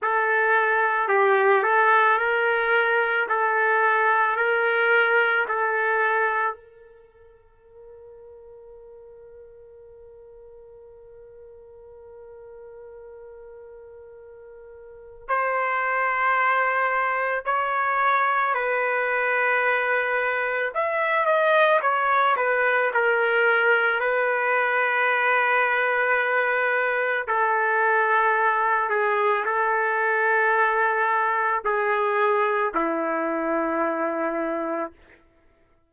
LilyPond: \new Staff \with { instrumentName = "trumpet" } { \time 4/4 \tempo 4 = 55 a'4 g'8 a'8 ais'4 a'4 | ais'4 a'4 ais'2~ | ais'1~ | ais'2 c''2 |
cis''4 b'2 e''8 dis''8 | cis''8 b'8 ais'4 b'2~ | b'4 a'4. gis'8 a'4~ | a'4 gis'4 e'2 | }